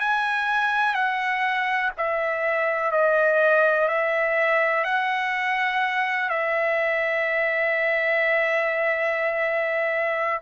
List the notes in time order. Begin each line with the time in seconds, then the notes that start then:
0.00 G#5
0.94 F#5
1.98 E5
2.92 D#5
3.88 E5
4.84 F#5
6.29 E5